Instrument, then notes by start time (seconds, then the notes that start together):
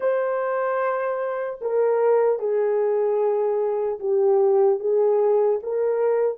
horn
0.00 C5
1.61 A#4
2.39 G#4
3.99 G4
4.79 G#4
5.62 A#4